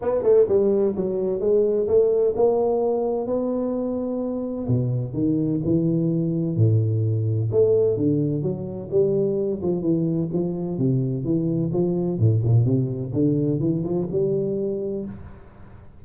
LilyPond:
\new Staff \with { instrumentName = "tuba" } { \time 4/4 \tempo 4 = 128 b8 a8 g4 fis4 gis4 | a4 ais2 b4~ | b2 b,4 dis4 | e2 a,2 |
a4 d4 fis4 g4~ | g8 f8 e4 f4 c4 | e4 f4 a,8 ais,8 c4 | d4 e8 f8 g2 | }